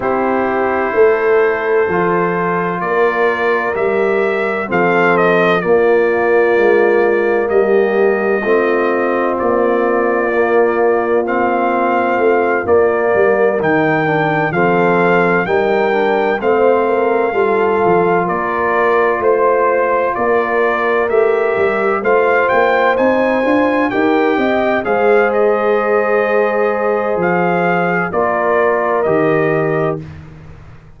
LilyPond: <<
  \new Staff \with { instrumentName = "trumpet" } { \time 4/4 \tempo 4 = 64 c''2. d''4 | e''4 f''8 dis''8 d''2 | dis''2 d''2 | f''4. d''4 g''4 f''8~ |
f''8 g''4 f''2 d''8~ | d''8 c''4 d''4 e''4 f''8 | g''8 gis''4 g''4 f''8 dis''4~ | dis''4 f''4 d''4 dis''4 | }
  \new Staff \with { instrumentName = "horn" } { \time 4/4 g'4 a'2 ais'4~ | ais'4 a'4 f'2 | g'4 f'2.~ | f'2 ais'4. a'8~ |
a'8 ais'4 c''8 ais'8 a'4 ais'8~ | ais'8 c''4 ais'2 c''8~ | c''4. ais'8 dis''8 c''4.~ | c''2 ais'2 | }
  \new Staff \with { instrumentName = "trombone" } { \time 4/4 e'2 f'2 | g'4 c'4 ais2~ | ais4 c'2 ais4 | c'4. ais4 dis'8 d'8 c'8~ |
c'8 dis'8 d'8 c'4 f'4.~ | f'2~ f'8 g'4 f'8~ | f'8 dis'8 f'8 g'4 gis'4.~ | gis'2 f'4 g'4 | }
  \new Staff \with { instrumentName = "tuba" } { \time 4/4 c'4 a4 f4 ais4 | g4 f4 ais4 gis4 | g4 a4 ais2~ | ais4 a8 ais8 g8 dis4 f8~ |
f8 g4 a4 g8 f8 ais8~ | ais8 a4 ais4 a8 g8 a8 | ais8 c'8 d'8 dis'8 c'8 gis4.~ | gis4 f4 ais4 dis4 | }
>>